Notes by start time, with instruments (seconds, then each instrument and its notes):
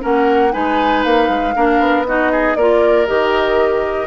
0.00 bassoon A#3, clarinet C#4, oboe A#4, flute F#5
0.52 bassoon G#3, clarinet D#4, oboe B4, flute G#5
1.04 bassoon A#3, flute F5
1.29 bassoon G#3
1.56 bassoon A#3, clarinet D4, oboe A#4
1.80 bassoon B3
2.07 clarinet D#4, oboe F#4, flute D#5
2.32 oboe G#4
2.56 bassoon A#3, clarinet F4, oboe A#4, flute D5
3.07 bassoon D#3, clarinet G4, flute D#5